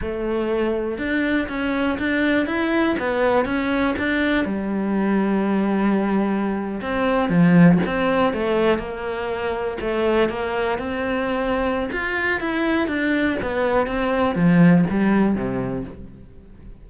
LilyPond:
\new Staff \with { instrumentName = "cello" } { \time 4/4 \tempo 4 = 121 a2 d'4 cis'4 | d'4 e'4 b4 cis'4 | d'4 g2.~ | g4.~ g16 c'4 f4 c'16~ |
c'8. a4 ais2 a16~ | a8. ais4 c'2~ c'16 | f'4 e'4 d'4 b4 | c'4 f4 g4 c4 | }